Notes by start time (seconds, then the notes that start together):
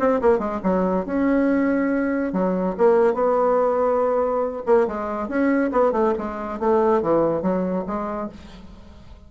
0.00 C4
0.22 A#3
0.39 G#3
0.64 F#3
1.06 C#4
2.33 F#3
2.78 A#3
3.15 B3
4.67 A#3
4.88 G#3
5.29 C#4
5.72 B3
5.93 A3
6.18 G#3
6.60 A3
7.03 E3
7.42 F#3
7.87 G#3